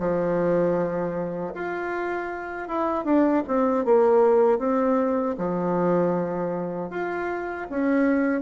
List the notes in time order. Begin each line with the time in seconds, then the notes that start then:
0.00 F3
1.55 F4
2.69 E4
3.05 D4
3.48 C4
3.86 A#3
4.59 C4
5.38 F3
6.91 F4
7.71 C#4